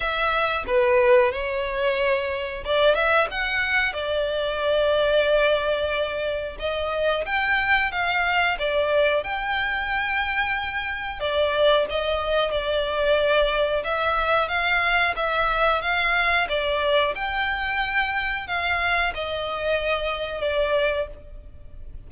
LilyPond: \new Staff \with { instrumentName = "violin" } { \time 4/4 \tempo 4 = 91 e''4 b'4 cis''2 | d''8 e''8 fis''4 d''2~ | d''2 dis''4 g''4 | f''4 d''4 g''2~ |
g''4 d''4 dis''4 d''4~ | d''4 e''4 f''4 e''4 | f''4 d''4 g''2 | f''4 dis''2 d''4 | }